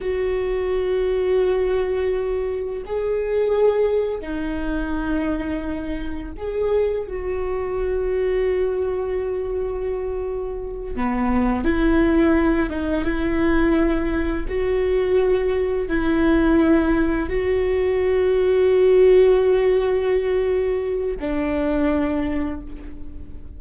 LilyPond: \new Staff \with { instrumentName = "viola" } { \time 4/4 \tempo 4 = 85 fis'1 | gis'2 dis'2~ | dis'4 gis'4 fis'2~ | fis'2.~ fis'8 b8~ |
b8 e'4. dis'8 e'4.~ | e'8 fis'2 e'4.~ | e'8 fis'2.~ fis'8~ | fis'2 d'2 | }